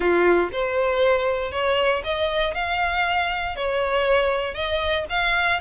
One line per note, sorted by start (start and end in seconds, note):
0.00 0.49 F4
0.52 1.51 C5
1.51 2.02 C#5
2.04 2.54 D#5
2.54 3.56 F5
3.56 4.54 C#5
4.54 5.05 D#5
5.09 5.60 F5